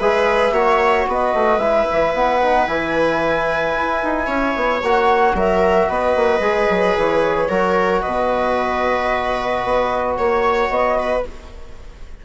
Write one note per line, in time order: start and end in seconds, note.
0.00 0.52 G#3
0.00 0.54 G#4
0.00 0.54 B4
0.00 1.07 E5
0.52 1.05 A#3
0.52 1.61 F#4
0.52 1.08 C#5
1.08 1.34 B3
1.08 4.27 B4
1.08 1.59 D#5
1.34 1.58 A3
1.58 1.85 G#3
1.58 2.42 E4
1.58 2.13 E5
1.92 2.14 E3
2.14 2.68 B3
2.14 2.67 F#5
2.42 2.69 D#4
2.67 3.75 E3
2.67 4.83 E4
2.67 4.82 G#5
3.76 4.03 E4
4.04 4.28 D#4
4.27 4.54 C#4
4.27 5.34 C#5
4.56 4.83 B3
4.83 5.34 A#3
4.83 6.42 F#4
4.83 5.36 F#5
5.34 5.88 F#3
5.34 5.90 A#4
5.34 5.91 E5
5.89 6.16 B3
5.89 7.49 B4
5.89 6.98 D#5
6.16 6.41 A#3
6.41 6.67 G#3
6.41 7.49 G#4
6.70 6.97 F#3
6.97 7.50 E3
6.97 8.01 C#5
7.49 8.03 F#3
7.49 11.25 F#4
7.49 8.03 A#4
8.01 9.65 B2
8.01 10.17 B4
8.01 10.16 D#5
9.65 10.19 B3
10.16 10.70 A#3
10.16 10.70 C#5
10.16 10.99 C#5
10.70 11.23 B3
10.70 11.24 D#5
10.99 11.26 B4